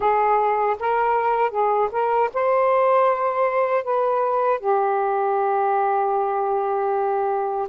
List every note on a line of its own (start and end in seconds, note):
0.00 0.77 G#4
0.79 1.50 A#4
1.50 1.89 G#4
1.91 2.30 A#4
2.33 3.84 C5
3.84 4.60 B4
4.60 7.67 G4